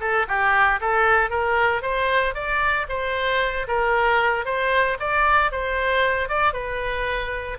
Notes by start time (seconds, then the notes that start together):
0.00 A4
0.28 G4
0.81 A4
1.30 A#4
1.82 C5
2.34 D5
2.88 C5
3.67 A#4
4.45 C5
4.99 D5
5.52 C5
6.28 D5
6.53 B4